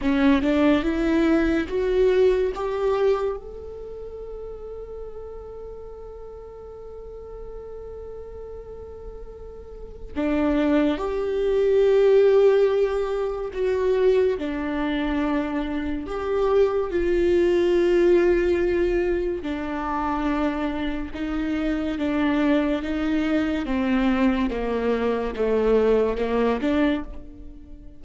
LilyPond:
\new Staff \with { instrumentName = "viola" } { \time 4/4 \tempo 4 = 71 cis'8 d'8 e'4 fis'4 g'4 | a'1~ | a'1 | d'4 g'2. |
fis'4 d'2 g'4 | f'2. d'4~ | d'4 dis'4 d'4 dis'4 | c'4 ais4 a4 ais8 d'8 | }